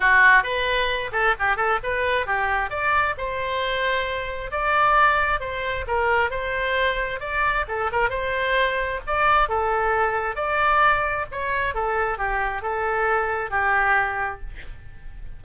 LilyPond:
\new Staff \with { instrumentName = "oboe" } { \time 4/4 \tempo 4 = 133 fis'4 b'4. a'8 g'8 a'8 | b'4 g'4 d''4 c''4~ | c''2 d''2 | c''4 ais'4 c''2 |
d''4 a'8 ais'8 c''2 | d''4 a'2 d''4~ | d''4 cis''4 a'4 g'4 | a'2 g'2 | }